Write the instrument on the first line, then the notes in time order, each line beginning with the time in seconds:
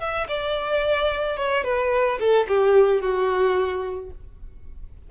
violin
0.00 E5
0.28 D5
1.37 C#5
1.64 B4
2.20 A4
2.48 G4
3.01 F#4